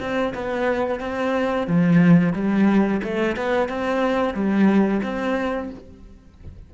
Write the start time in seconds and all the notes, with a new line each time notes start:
0.00 C4
0.34 B3
1.00 C4
1.67 F3
2.33 G3
3.04 A3
3.36 B3
3.69 C4
4.34 G3
5.03 C4